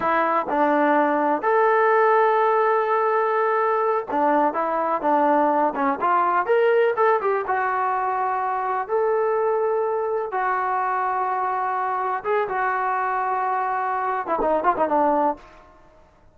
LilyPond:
\new Staff \with { instrumentName = "trombone" } { \time 4/4 \tempo 4 = 125 e'4 d'2 a'4~ | a'1~ | a'8 d'4 e'4 d'4. | cis'8 f'4 ais'4 a'8 g'8 fis'8~ |
fis'2~ fis'8 a'4.~ | a'4. fis'2~ fis'8~ | fis'4. gis'8 fis'2~ | fis'4.~ fis'16 e'16 dis'8 f'16 dis'16 d'4 | }